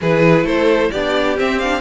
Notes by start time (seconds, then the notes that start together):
0.01 E3 E4 G#4 B4
0.44 A3 A4 C5
0.91 B3 D4 G4 D5
1.37 C4 E5
1.58 D4 F5